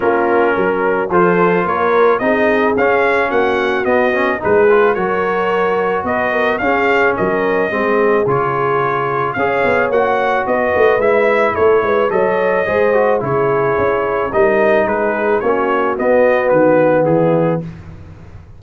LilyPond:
<<
  \new Staff \with { instrumentName = "trumpet" } { \time 4/4 \tempo 4 = 109 ais'2 c''4 cis''4 | dis''4 f''4 fis''4 dis''4 | b'4 cis''2 dis''4 | f''4 dis''2 cis''4~ |
cis''4 f''4 fis''4 dis''4 | e''4 cis''4 dis''2 | cis''2 dis''4 b'4 | cis''4 dis''4 b'4 gis'4 | }
  \new Staff \with { instrumentName = "horn" } { \time 4/4 f'4 ais'4 a'4 ais'4 | gis'2 fis'2 | gis'4 ais'2 b'8 ais'8 | gis'4 ais'4 gis'2~ |
gis'4 cis''2 b'4~ | b'4 a'8 b'8 cis''4 c''4 | gis'2 ais'4 gis'4 | fis'2. e'4 | }
  \new Staff \with { instrumentName = "trombone" } { \time 4/4 cis'2 f'2 | dis'4 cis'2 b8 cis'8 | dis'8 f'8 fis'2. | cis'2 c'4 f'4~ |
f'4 gis'4 fis'2 | e'2 a'4 gis'8 fis'8 | e'2 dis'2 | cis'4 b2. | }
  \new Staff \with { instrumentName = "tuba" } { \time 4/4 ais4 fis4 f4 ais4 | c'4 cis'4 ais4 b4 | gis4 fis2 b4 | cis'4 fis4 gis4 cis4~ |
cis4 cis'8 b8 ais4 b8 a8 | gis4 a8 gis8 fis4 gis4 | cis4 cis'4 g4 gis4 | ais4 b4 dis4 e4 | }
>>